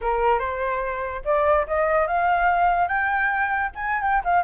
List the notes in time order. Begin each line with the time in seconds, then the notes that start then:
0.01 A#4
0.39 C5
1.25 D5
1.67 D#5
2.07 F5
2.88 G5
3.75 G#5
4.02 G5
4.24 F5